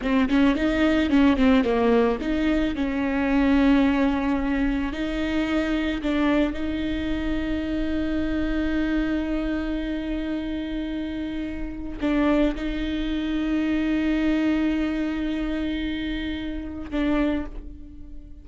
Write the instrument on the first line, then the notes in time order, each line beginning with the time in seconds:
viola
0.01 C4
0.29 C#4
0.55 D#4
1.09 C#4
1.36 C4
1.63 A#3
2.21 D#4
2.75 C#4
4.92 D#4
6.01 D4
6.53 D#4
12.00 D4
12.55 D#4
16.90 D4